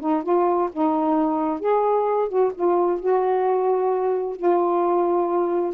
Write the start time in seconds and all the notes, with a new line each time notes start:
0.00 D#4
0.23 F4
0.72 D#4
1.60 G#4
2.29 F#4
2.55 F4
3.00 F#4
4.37 F4